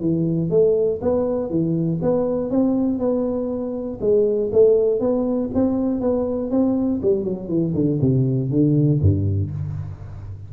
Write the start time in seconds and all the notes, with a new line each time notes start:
0.00 E3
0.50 A3
1.01 B3
1.50 E3
2.02 B3
2.50 C4
2.98 B3
4.00 G#3
4.52 A3
5.00 B3
5.54 C4
6.00 B3
6.50 C4
7.02 G3
7.24 F#3
7.48 E3
7.74 D3
8.01 C3
8.50 D3
9.00 G2